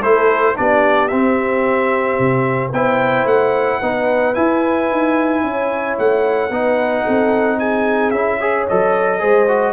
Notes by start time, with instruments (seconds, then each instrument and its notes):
0.00 tuba A3, trombone E4, horn A4, trumpet C5
0.56 tuba B3, trombone D4, horn G4, trumpet D5
1.08 trombone C4, tuba C4, trumpet E5
2.19 tuba C3
2.72 tuba B3, trombone E4, horn C5, trumpet G5
3.25 tuba A3, trumpet F#5
3.81 tuba B3, trombone D#4, horn B4
4.34 trombone E4, tuba E4, trumpet G#5
4.91 tuba D#4
5.43 tuba C#4, horn C#5
5.98 tuba A3, trumpet F#5
6.50 tuba B3, trombone D#4, horn B4
7.03 tuba C4, horn A4
7.58 horn G#4, trumpet G#5
8.11 tuba C#4, trombone E4, trumpet E5
8.41 trombone G#4, horn C#5
8.69 tuba F#3, trombone A4, trumpet D#5
9.19 tuba G#3, trombone G#4, horn C5
9.48 trombone F#4